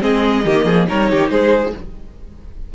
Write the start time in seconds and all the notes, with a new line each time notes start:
0.00 G#3 C4 G#4 D#5
0.45 D#3 A#3 G4
0.65 F3 G#4
0.88 G3 D#4 A#4 C#5
1.10 D#3 G4
1.30 G#3 G#4 C5